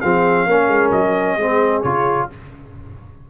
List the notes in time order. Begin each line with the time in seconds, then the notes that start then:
0.00 F3 C4 G#4 F5
0.45 A#3 C#4 A#4
0.68 G#3
0.91 F#3 D#5
1.37 G#3 C4 G#4
1.82 C#3 F4 C#5